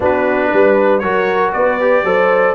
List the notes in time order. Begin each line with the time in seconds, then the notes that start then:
0.00 B3 D4 F#4 B4
0.53 G3 B4
0.99 F#3 F#4 A#4 C#5
1.53 B3 B4 D5
1.80 G4
2.03 F#3 A4 C5